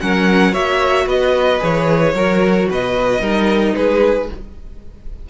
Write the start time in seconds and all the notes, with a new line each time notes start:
0.00 F#3 C#4 A#4 F#5
0.51 A#3 F#4 C#5 E5
1.06 B3 B4 D#5
1.59 E3 G#4 C#5
2.14 F#3 F#4 A#4
2.69 B2 B4 D#5
3.19 G3 D#4 A#4
3.75 G#3 G#4 B4